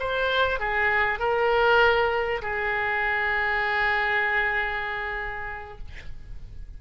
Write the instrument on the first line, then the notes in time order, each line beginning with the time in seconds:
oboe
0.00 C5
0.60 G#4
1.19 A#4
2.42 G#4